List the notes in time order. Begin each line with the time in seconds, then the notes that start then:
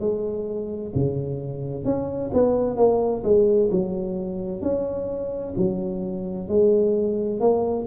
0.00 G#3
0.94 C#3
1.84 C#4
2.33 B3
2.77 A#3
3.23 G#3
3.70 F#3
4.62 C#4
5.57 F#3
6.48 G#3
7.40 A#3